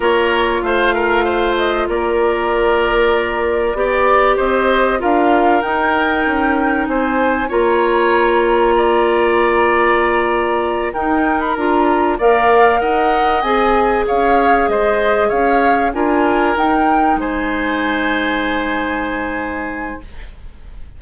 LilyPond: <<
  \new Staff \with { instrumentName = "flute" } { \time 4/4 \tempo 4 = 96 cis''4 f''4. dis''8 d''4~ | d''2. dis''4 | f''4 g''2 gis''4 | ais''1~ |
ais''4. g''8. b''16 ais''4 f''8~ | f''8 fis''4 gis''4 f''4 dis''8~ | dis''8 f''4 gis''4 g''4 gis''8~ | gis''1 | }
  \new Staff \with { instrumentName = "oboe" } { \time 4/4 ais'4 c''8 ais'8 c''4 ais'4~ | ais'2 d''4 c''4 | ais'2. c''4 | cis''2 d''2~ |
d''4. ais'2 d''8~ | d''8 dis''2 cis''4 c''8~ | c''8 cis''4 ais'2 c''8~ | c''1 | }
  \new Staff \with { instrumentName = "clarinet" } { \time 4/4 f'1~ | f'2 g'2 | f'4 dis'2. | f'1~ |
f'4. dis'4 f'4 ais'8~ | ais'4. gis'2~ gis'8~ | gis'4. f'4 dis'4.~ | dis'1 | }
  \new Staff \with { instrumentName = "bassoon" } { \time 4/4 ais4 a2 ais4~ | ais2 b4 c'4 | d'4 dis'4 cis'4 c'4 | ais1~ |
ais4. dis'4 d'4 ais8~ | ais8 dis'4 c'4 cis'4 gis8~ | gis8 cis'4 d'4 dis'4 gis8~ | gis1 | }
>>